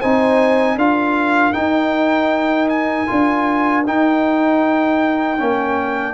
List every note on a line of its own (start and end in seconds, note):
0.00 0.76 C4
0.00 0.78 D#4
0.00 0.76 C5
0.00 0.78 G#5
0.76 1.53 D4
0.76 1.54 F4
0.76 6.13 A#4
0.76 1.53 F5
1.53 3.07 D#4
1.53 2.68 G5
2.69 3.84 G#5
3.07 3.87 D4
3.07 3.84 F4
3.87 5.38 D#4
3.87 5.40 D#4
3.87 6.13 G5
5.38 6.13 A#3
5.38 6.13 C#4